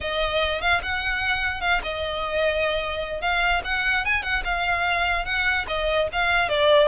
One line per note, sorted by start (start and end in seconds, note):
0.01 0.61 D#5
0.61 0.81 F5
0.82 1.61 F#5
1.61 1.81 F5
1.83 3.21 D#5
3.21 3.61 F5
3.64 4.05 F#5
4.05 4.23 G#5
4.23 4.43 F#5
4.44 5.25 F5
5.25 5.65 F#5
5.67 6.08 D#5
6.12 6.48 F5
6.48 6.88 D5